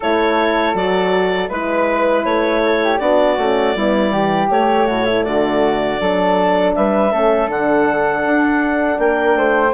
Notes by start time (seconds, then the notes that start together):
0.00 A3 E4 A4 C#5
0.74 F#3 F#4 D5
1.48 G#3 E4 B4
2.24 A3 C#5
2.65 A4
2.84 G4
2.98 B3 D4 F#4 D5
3.37 A3 C#4
3.75 G3 B3 E4
4.12 E3 G4
4.49 A3 C#5
4.86 A2 F#4
5.05 E4
5.23 D3 F#4 D5
5.99 F#3 D4 A4
6.74 G3 B4 E5
7.11 A3 C#4 A4
7.47 D3 D4 F#5
8.25 D4
8.98 A#3 A#4 G5
9.34 A3 C5